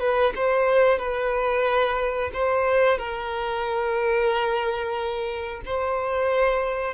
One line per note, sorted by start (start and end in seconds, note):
0.00 0.33 B4
0.36 0.99 C5
0.99 2.31 B4
2.34 2.98 C5
2.98 5.62 A#4
5.66 6.94 C5